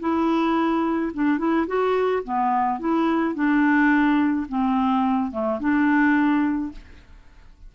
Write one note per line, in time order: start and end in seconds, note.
0.00 1.12 E4
1.14 1.38 D4
1.38 1.66 E4
1.67 2.24 F#4
2.24 2.80 B3
2.80 3.35 E4
3.35 4.47 D4
4.49 5.32 C4
5.32 5.60 A3
5.60 6.72 D4